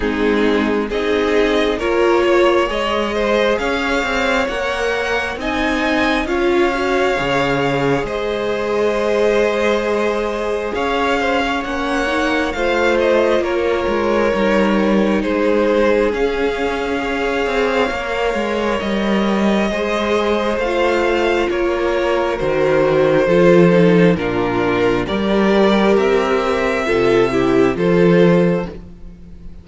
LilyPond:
<<
  \new Staff \with { instrumentName = "violin" } { \time 4/4 \tempo 4 = 67 gis'4 dis''4 cis''4 dis''4 | f''4 fis''4 gis''4 f''4~ | f''4 dis''2. | f''4 fis''4 f''8 dis''8 cis''4~ |
cis''4 c''4 f''2~ | f''4 dis''2 f''4 | cis''4 c''2 ais'4 | d''4 e''2 c''4 | }
  \new Staff \with { instrumentName = "violin" } { \time 4/4 dis'4 gis'4 ais'8 cis''4 c''8 | cis''2 dis''4 cis''4~ | cis''4 c''2. | cis''8 c''16 cis''4~ cis''16 c''4 ais'4~ |
ais'4 gis'2 cis''4~ | cis''2 c''2 | ais'2 a'4 f'4 | ais'2 a'8 g'8 a'4 | }
  \new Staff \with { instrumentName = "viola" } { \time 4/4 c'4 dis'4 f'4 gis'4~ | gis'4 ais'4 dis'4 f'8 fis'8 | gis'1~ | gis'4 cis'8 dis'8 f'2 |
dis'2 cis'4 gis'4 | ais'2 gis'4 f'4~ | f'4 fis'4 f'8 dis'8 d'4 | g'2 f'8 e'8 f'4 | }
  \new Staff \with { instrumentName = "cello" } { \time 4/4 gis4 c'4 ais4 gis4 | cis'8 c'8 ais4 c'4 cis'4 | cis4 gis2. | cis'4 ais4 a4 ais8 gis8 |
g4 gis4 cis'4. c'8 | ais8 gis8 g4 gis4 a4 | ais4 dis4 f4 ais,4 | g4 c'4 c4 f4 | }
>>